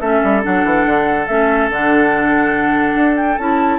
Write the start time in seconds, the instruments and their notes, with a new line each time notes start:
0.00 bassoon A3, clarinet C#4, oboe A4, flute E5
0.23 bassoon G3
0.42 bassoon F#3, clarinet D4, flute F#5
0.64 bassoon E3
0.85 bassoon D3
1.26 bassoon A3, clarinet C#4, flute E5
1.69 bassoon D3, clarinet D4, flute F#5
2.95 bassoon D4
3.17 flute G5
3.38 bassoon C#4, clarinet E4, flute A5